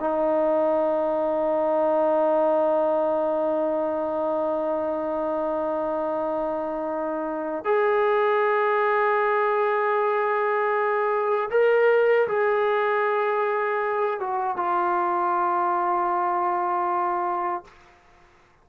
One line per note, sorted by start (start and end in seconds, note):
0.00 7.65 D#4
7.65 11.50 G#4
11.51 12.28 A#4
12.28 14.20 G#4
14.20 14.57 F#4
14.57 17.64 F4